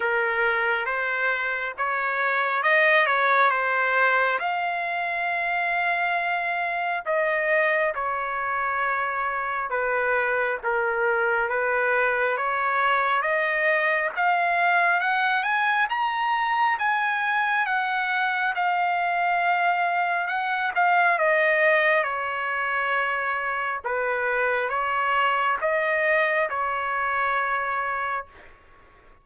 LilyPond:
\new Staff \with { instrumentName = "trumpet" } { \time 4/4 \tempo 4 = 68 ais'4 c''4 cis''4 dis''8 cis''8 | c''4 f''2. | dis''4 cis''2 b'4 | ais'4 b'4 cis''4 dis''4 |
f''4 fis''8 gis''8 ais''4 gis''4 | fis''4 f''2 fis''8 f''8 | dis''4 cis''2 b'4 | cis''4 dis''4 cis''2 | }